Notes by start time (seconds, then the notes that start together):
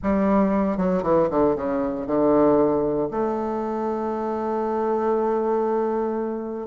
0.02 G3
0.77 F#3
1.03 E3
1.30 D3
1.55 C#3
2.07 D3
3.10 A3